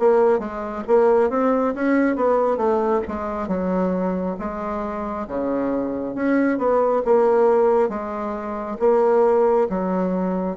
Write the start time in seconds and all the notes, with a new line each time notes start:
0.00 A#3
0.40 G#3
0.88 A#3
1.30 C4
1.75 C#4
2.16 B3
2.57 A3
3.08 G#3
3.48 F#3
4.40 G#3
5.28 C#3
6.16 C#4
6.59 B3
7.06 A#3
7.89 G#3
8.80 A#3
9.70 F#3